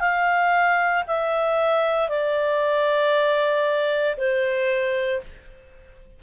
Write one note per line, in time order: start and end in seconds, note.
0.00 1.03 F5
1.07 2.08 E5
2.08 4.15 D5
4.17 5.21 C5